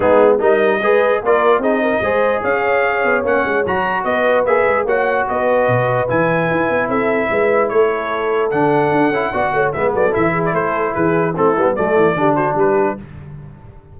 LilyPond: <<
  \new Staff \with { instrumentName = "trumpet" } { \time 4/4 \tempo 4 = 148 gis'4 dis''2 d''4 | dis''2 f''2 | fis''4 ais''4 dis''4 e''4 | fis''4 dis''2 gis''4~ |
gis''4 e''2 cis''4~ | cis''4 fis''2. | e''8 d''8 e''8. d''16 c''4 b'4 | a'4 d''4. c''8 b'4 | }
  \new Staff \with { instrumentName = "horn" } { \time 4/4 dis'4 ais'4 b'4 ais'4 | gis'8 ais'8 c''4 cis''2~ | cis''2 b'2 | cis''4 b'2.~ |
b'4 a'4 b'4 a'4~ | a'2. d''8 cis''8 | b'8 a'4 gis'8 a'4 gis'4 | e'4 a'4 g'8 fis'8 g'4 | }
  \new Staff \with { instrumentName = "trombone" } { \time 4/4 b4 dis'4 gis'4 f'4 | dis'4 gis'2. | cis'4 fis'2 gis'4 | fis'2. e'4~ |
e'1~ | e'4 d'4. e'8 fis'4 | b4 e'2. | c'8 b8 a4 d'2 | }
  \new Staff \with { instrumentName = "tuba" } { \time 4/4 gis4 g4 gis4 ais4 | c'4 gis4 cis'4. b8 | ais8 gis8 fis4 b4 ais8 gis8 | ais4 b4 b,4 e4 |
e'8 b8 c'4 gis4 a4~ | a4 d4 d'8 cis'8 b8 a8 | gis8 fis8 e4 a4 e4 | a8 g8 fis8 e8 d4 g4 | }
>>